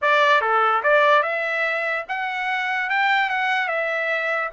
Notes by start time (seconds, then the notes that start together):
0.01 D5
0.41 A4
0.83 D5
1.23 E5
2.08 F#5
2.89 G5
3.29 F#5
3.68 E5